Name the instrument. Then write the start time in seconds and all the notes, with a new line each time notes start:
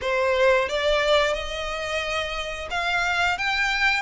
violin
0.01 C5
0.68 D5
1.33 D#5
2.70 F5
3.38 G5